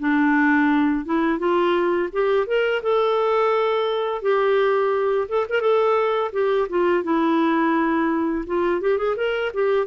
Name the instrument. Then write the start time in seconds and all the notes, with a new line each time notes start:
clarinet
0.00 D4
1.06 E4
1.39 F4
2.13 G4
2.47 A#4
2.83 A4
4.22 G4
5.29 A4
5.49 A#4
5.61 A4
6.33 G4
6.69 F4
7.04 E4
8.47 F4
8.81 G4
8.98 G#4
9.17 A#4
9.54 G4